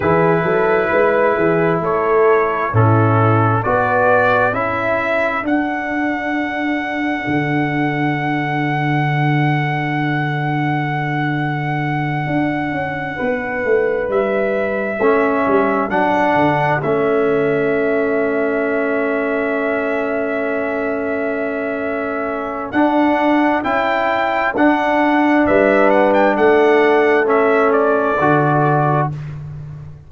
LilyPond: <<
  \new Staff \with { instrumentName = "trumpet" } { \time 4/4 \tempo 4 = 66 b'2 cis''4 a'4 | d''4 e''4 fis''2~ | fis''1~ | fis''2.~ fis''8 e''8~ |
e''4. fis''4 e''4.~ | e''1~ | e''4 fis''4 g''4 fis''4 | e''8 fis''16 g''16 fis''4 e''8 d''4. | }
  \new Staff \with { instrumentName = "horn" } { \time 4/4 gis'8 a'8 b'8 gis'8 a'4 e'4 | b'4 a'2.~ | a'1~ | a'2~ a'8 b'4.~ |
b'8 a'2.~ a'8~ | a'1~ | a'1 | b'4 a'2. | }
  \new Staff \with { instrumentName = "trombone" } { \time 4/4 e'2. cis'4 | fis'4 e'4 d'2~ | d'1~ | d'1~ |
d'8 cis'4 d'4 cis'4.~ | cis'1~ | cis'4 d'4 e'4 d'4~ | d'2 cis'4 fis'4 | }
  \new Staff \with { instrumentName = "tuba" } { \time 4/4 e8 fis8 gis8 e8 a4 a,4 | b4 cis'4 d'2 | d1~ | d4. d'8 cis'8 b8 a8 g8~ |
g8 a8 g8 fis8 d8 a4.~ | a1~ | a4 d'4 cis'4 d'4 | g4 a2 d4 | }
>>